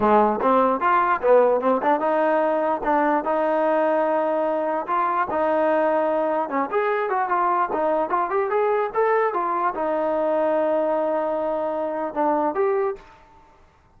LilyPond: \new Staff \with { instrumentName = "trombone" } { \time 4/4 \tempo 4 = 148 gis4 c'4 f'4 b4 | c'8 d'8 dis'2 d'4 | dis'1 | f'4 dis'2. |
cis'8 gis'4 fis'8 f'4 dis'4 | f'8 g'8 gis'4 a'4 f'4 | dis'1~ | dis'2 d'4 g'4 | }